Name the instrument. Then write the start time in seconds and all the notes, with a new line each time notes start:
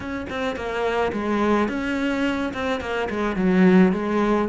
cello
0.00 C#4
0.29 C4
0.56 A#3
1.12 G#3
1.68 C#4
2.53 C4
2.80 A#3
3.09 G#3
3.36 F#3
3.92 G#3